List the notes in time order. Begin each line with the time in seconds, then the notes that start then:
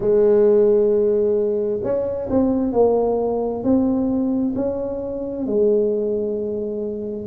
0.00 G#3
1.83 C#4
2.30 C4
2.72 A#3
3.63 C4
4.55 C#4
5.46 G#3